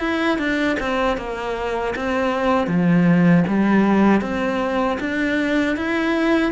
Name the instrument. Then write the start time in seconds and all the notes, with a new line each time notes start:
cello
0.00 E4
0.39 D4
0.80 C4
1.18 A#3
1.96 C4
2.67 F3
3.48 G3
4.21 C4
5.00 D4
5.77 E4